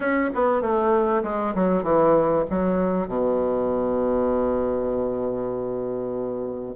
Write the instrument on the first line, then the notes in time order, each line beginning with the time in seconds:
bassoon
0.00 C#4
0.35 B3
0.61 A3
1.23 G#3
1.54 F#3
1.83 E3
2.49 F#3
3.07 B2